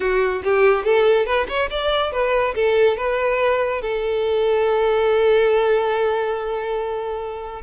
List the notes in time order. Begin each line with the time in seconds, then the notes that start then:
0.00 F#4
0.43 G4
0.84 A4
1.25 B4
1.48 C#5
1.69 D5
2.12 B4
2.55 A4
2.97 B4
3.81 A4